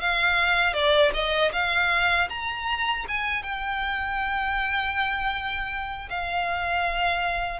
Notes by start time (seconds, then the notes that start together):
0.00 F5
0.73 D5
1.13 D#5
1.52 F5
2.29 A#5
3.08 G#5
3.43 G5
6.09 F5